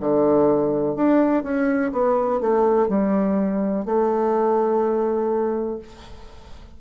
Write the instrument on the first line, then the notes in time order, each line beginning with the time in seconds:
bassoon
0.00 D3
0.95 D4
1.43 C#4
1.92 B3
2.40 A3
2.88 G3
3.85 A3